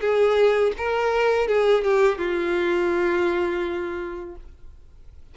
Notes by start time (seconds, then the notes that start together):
0.00 G#4
0.77 A#4
1.48 G#4
1.84 G4
2.18 F4